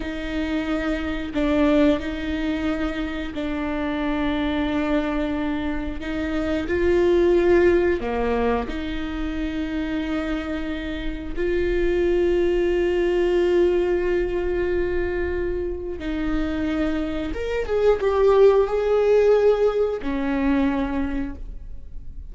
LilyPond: \new Staff \with { instrumentName = "viola" } { \time 4/4 \tempo 4 = 90 dis'2 d'4 dis'4~ | dis'4 d'2.~ | d'4 dis'4 f'2 | ais4 dis'2.~ |
dis'4 f'2.~ | f'1 | dis'2 ais'8 gis'8 g'4 | gis'2 cis'2 | }